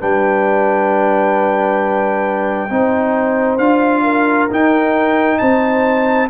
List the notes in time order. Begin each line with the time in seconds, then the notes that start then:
0.00 G3 D4 B4 G5
2.69 C4 D#4 C5
3.58 D4 F4 F5
4.03 A#4
4.50 D#4 G5
5.38 C4 C5 A5